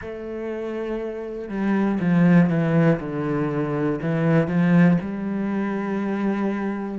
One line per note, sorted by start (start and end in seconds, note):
0.00 1.49 A3
1.49 1.99 G3
2.00 2.50 F3
2.50 3.00 E3
3.00 4.00 D3
4.01 4.47 E3
4.47 4.97 F3
5.01 6.98 G3